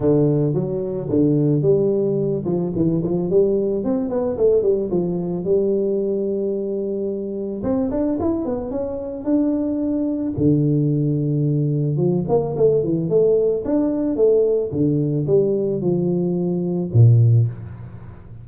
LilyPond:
\new Staff \with { instrumentName = "tuba" } { \time 4/4 \tempo 4 = 110 d4 fis4 d4 g4~ | g8 f8 e8 f8 g4 c'8 b8 | a8 g8 f4 g2~ | g2 c'8 d'8 e'8 b8 |
cis'4 d'2 d4~ | d2 f8 ais8 a8 e8 | a4 d'4 a4 d4 | g4 f2 ais,4 | }